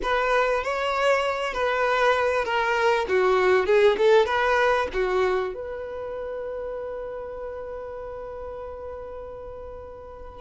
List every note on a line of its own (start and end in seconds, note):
0.02 0.63 B4
0.63 1.53 C#5
1.53 2.44 B4
2.44 3.06 A#4
3.08 3.66 F#4
3.66 3.96 G#4
3.97 4.26 A4
4.26 4.87 B4
4.93 5.54 F#4
5.54 10.41 B4